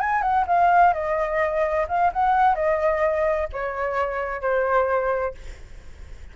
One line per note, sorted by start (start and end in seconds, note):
0.00 0.22 G#5
0.22 0.45 F#5
0.47 0.93 F5
0.93 1.86 D#5
1.88 2.12 F5
2.13 2.55 F#5
2.55 3.48 D#5
3.53 4.41 C#5
4.41 5.34 C5